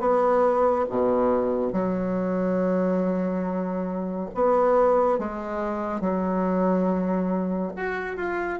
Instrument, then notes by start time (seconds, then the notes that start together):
bassoon
0.00 B3
0.89 B2
1.73 F#3
4.35 B3
5.19 G#3
6.01 F#3
7.76 F#4
8.17 F4